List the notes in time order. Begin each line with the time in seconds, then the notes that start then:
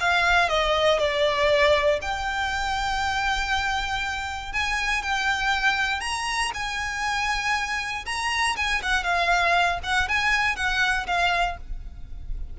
0.00 F5
0.49 D#5
0.99 D5
2.01 G5
4.53 G#5
5.02 G5
6.01 A#5
6.54 G#5
8.06 A#5
8.56 G#5
8.82 F#5
9.04 F5
9.83 F#5
10.08 G#5
10.56 F#5
11.07 F5